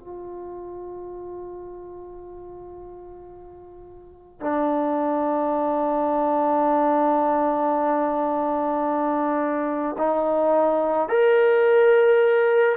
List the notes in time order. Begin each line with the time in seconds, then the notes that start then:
0.00 F4
4.41 D4
9.98 D#4
11.09 A#4